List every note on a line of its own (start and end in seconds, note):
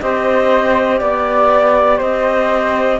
0.00 1.00 C4
0.00 3.00 G4
0.00 1.00 C5
0.00 1.00 D#5
1.00 2.00 B3
1.00 1.97 D5
1.00 2.01 D5
1.97 3.00 C4
1.97 2.97 C5
1.97 3.00 D#5